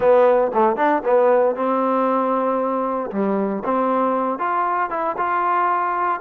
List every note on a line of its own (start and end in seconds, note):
0.00 0.51 B3
0.53 0.76 A3
0.76 1.02 D4
1.04 1.55 B3
1.55 3.11 C4
3.11 3.63 G3
3.64 4.38 C4
4.38 4.90 F4
4.90 5.16 E4
5.17 6.20 F4